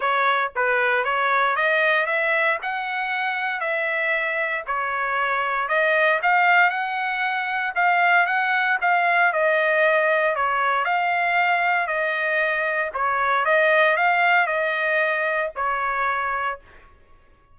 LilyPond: \new Staff \with { instrumentName = "trumpet" } { \time 4/4 \tempo 4 = 116 cis''4 b'4 cis''4 dis''4 | e''4 fis''2 e''4~ | e''4 cis''2 dis''4 | f''4 fis''2 f''4 |
fis''4 f''4 dis''2 | cis''4 f''2 dis''4~ | dis''4 cis''4 dis''4 f''4 | dis''2 cis''2 | }